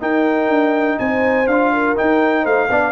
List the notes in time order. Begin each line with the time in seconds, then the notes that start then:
0.00 D#4 A#4 G5
0.49 D4
0.99 C4 C5 G#5
1.47 D4 F4 F5
1.73 A#4
1.96 D#4 G5
2.43 A3 C5 F5
2.70 B3 D4 D5